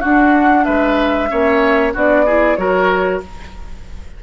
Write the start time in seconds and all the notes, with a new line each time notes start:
0.00 D4 F#4 F#5
0.64 G#3 B4 E5
1.29 A#3 C#4 C#5
1.93 B3 D4 F#4 D5
2.25 E4 G#4
2.56 F#3 F#4 A#4 C#5